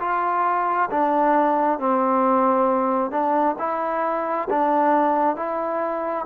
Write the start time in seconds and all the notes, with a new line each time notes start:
0.00 F4
0.91 D4
1.79 C4
3.11 D4
3.59 E4
4.50 D4
5.36 E4